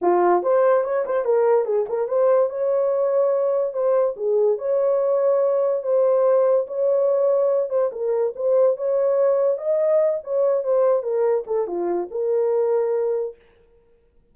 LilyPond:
\new Staff \with { instrumentName = "horn" } { \time 4/4 \tempo 4 = 144 f'4 c''4 cis''8 c''8 ais'4 | gis'8 ais'8 c''4 cis''2~ | cis''4 c''4 gis'4 cis''4~ | cis''2 c''2 |
cis''2~ cis''8 c''8 ais'4 | c''4 cis''2 dis''4~ | dis''8 cis''4 c''4 ais'4 a'8 | f'4 ais'2. | }